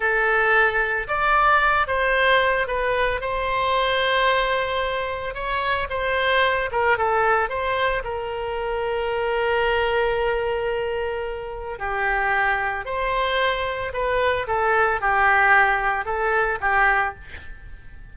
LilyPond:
\new Staff \with { instrumentName = "oboe" } { \time 4/4 \tempo 4 = 112 a'2 d''4. c''8~ | c''4 b'4 c''2~ | c''2 cis''4 c''4~ | c''8 ais'8 a'4 c''4 ais'4~ |
ais'1~ | ais'2 g'2 | c''2 b'4 a'4 | g'2 a'4 g'4 | }